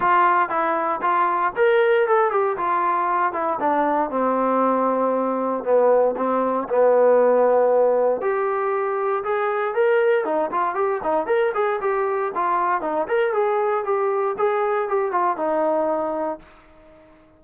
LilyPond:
\new Staff \with { instrumentName = "trombone" } { \time 4/4 \tempo 4 = 117 f'4 e'4 f'4 ais'4 | a'8 g'8 f'4. e'8 d'4 | c'2. b4 | c'4 b2. |
g'2 gis'4 ais'4 | dis'8 f'8 g'8 dis'8 ais'8 gis'8 g'4 | f'4 dis'8 ais'8 gis'4 g'4 | gis'4 g'8 f'8 dis'2 | }